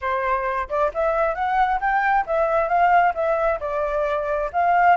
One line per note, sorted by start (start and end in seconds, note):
0.01 0.68 C5
0.69 0.91 D5
0.94 1.35 E5
1.35 1.80 F#5
1.80 2.25 G5
2.26 2.68 E5
2.68 3.13 F5
3.14 3.59 E5
3.60 4.50 D5
4.53 4.96 F5